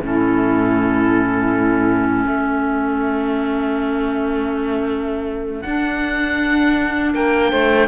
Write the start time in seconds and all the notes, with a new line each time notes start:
0.00 A2 C#4 E4 A4
2.26 A3 A4 E5
5.62 D4 F#5
7.13 A#3 A#4 G5
7.50 A3 C5